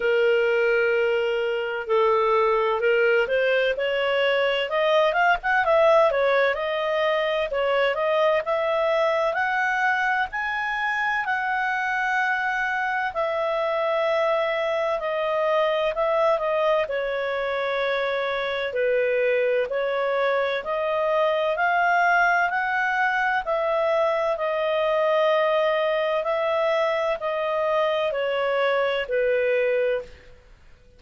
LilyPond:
\new Staff \with { instrumentName = "clarinet" } { \time 4/4 \tempo 4 = 64 ais'2 a'4 ais'8 c''8 | cis''4 dis''8 f''16 fis''16 e''8 cis''8 dis''4 | cis''8 dis''8 e''4 fis''4 gis''4 | fis''2 e''2 |
dis''4 e''8 dis''8 cis''2 | b'4 cis''4 dis''4 f''4 | fis''4 e''4 dis''2 | e''4 dis''4 cis''4 b'4 | }